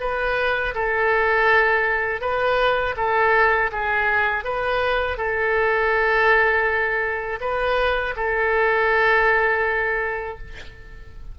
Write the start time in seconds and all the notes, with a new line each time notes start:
0.00 B4
0.74 A4
2.21 B4
2.96 A4
3.71 G#4
4.44 B4
5.17 A4
7.40 B4
8.15 A4